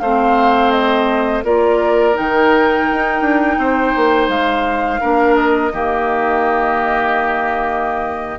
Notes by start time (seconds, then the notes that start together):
0.00 A3 C4 C5 F5
0.71 D#5
1.44 A#3 F4 A#4 D5
2.14 D#3 D#4 G5
2.91 D#4
3.22 D4
3.58 C4 C5
3.97 A#3
4.29 G#3 F5
5.01 A#3 D4 A#4
5.36 D#5
5.73 D#3 A#3 G4